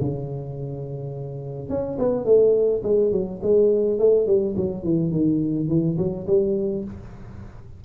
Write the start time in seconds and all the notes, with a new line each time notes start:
0.00 C#3
1.69 C#4
1.98 B3
2.25 A3
2.83 G#3
3.12 F#3
3.43 G#3
3.99 A3
4.26 G3
4.57 F#3
4.83 E3
5.11 D#3
5.68 E3
5.98 F#3
6.27 G3